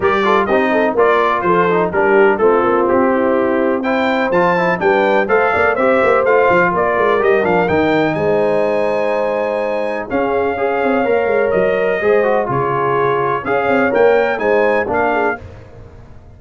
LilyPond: <<
  \new Staff \with { instrumentName = "trumpet" } { \time 4/4 \tempo 4 = 125 d''4 dis''4 d''4 c''4 | ais'4 a'4 g'2 | g''4 a''4 g''4 f''4 | e''4 f''4 d''4 dis''8 f''8 |
g''4 gis''2.~ | gis''4 f''2. | dis''2 cis''2 | f''4 g''4 gis''4 f''4 | }
  \new Staff \with { instrumentName = "horn" } { \time 4/4 ais'8 a'8 g'8 a'8 ais'4 a'4 | g'4 f'4. e'4. | c''2 b'4 c''8 d''8 | c''2 ais'2~ |
ais'4 c''2.~ | c''4 gis'4 cis''2~ | cis''4 c''4 gis'2 | cis''2 c''4 ais'8 gis'8 | }
  \new Staff \with { instrumentName = "trombone" } { \time 4/4 g'8 f'8 dis'4 f'4. dis'8 | d'4 c'2. | e'4 f'8 e'8 d'4 a'4 | g'4 f'2 g'8 d'8 |
dis'1~ | dis'4 cis'4 gis'4 ais'4~ | ais'4 gis'8 fis'8 f'2 | gis'4 ais'4 dis'4 d'4 | }
  \new Staff \with { instrumentName = "tuba" } { \time 4/4 g4 c'4 ais4 f4 | g4 a8 ais8 c'2~ | c'4 f4 g4 a8 ais8 | c'8 ais8 a8 f8 ais8 gis8 g8 f8 |
dis4 gis2.~ | gis4 cis'4. c'8 ais8 gis8 | fis4 gis4 cis2 | cis'8 c'8 ais4 gis4 ais4 | }
>>